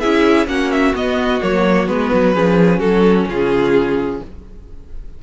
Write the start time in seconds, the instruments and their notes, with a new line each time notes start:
0.00 cello C#4, viola E4, violin G#4 E5
0.47 cello A#3, viola C#4, violin F#4 F#5
0.72 violin E5
0.94 viola B3, cello B3, violin D#5
1.42 cello F#3, viola A#3, violin C#5
1.87 cello G#3, viola B3, violin B4
2.13 cello F#3
2.34 cello F3, viola C#4, violin G#4
2.79 cello F#3, violin F#4 A4
3.27 cello C#3, violin F4 G#4